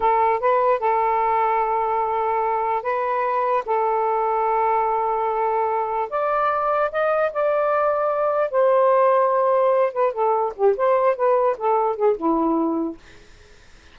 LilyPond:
\new Staff \with { instrumentName = "saxophone" } { \time 4/4 \tempo 4 = 148 a'4 b'4 a'2~ | a'2. b'4~ | b'4 a'2.~ | a'2. d''4~ |
d''4 dis''4 d''2~ | d''4 c''2.~ | c''8 b'8 a'4 g'8 c''4 b'8~ | b'8 a'4 gis'8 e'2 | }